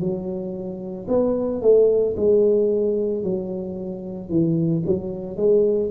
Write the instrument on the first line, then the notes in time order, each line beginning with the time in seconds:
tuba
0.00 F#3
1.08 B3
1.62 A3
2.16 G#3
3.23 F#3
4.29 E3
4.86 F#3
5.36 G#3